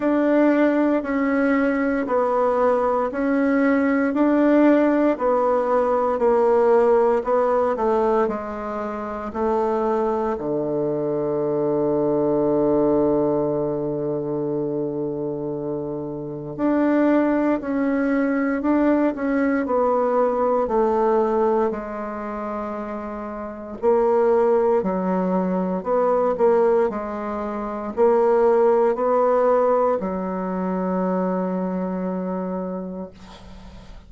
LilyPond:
\new Staff \with { instrumentName = "bassoon" } { \time 4/4 \tempo 4 = 58 d'4 cis'4 b4 cis'4 | d'4 b4 ais4 b8 a8 | gis4 a4 d2~ | d1 |
d'4 cis'4 d'8 cis'8 b4 | a4 gis2 ais4 | fis4 b8 ais8 gis4 ais4 | b4 fis2. | }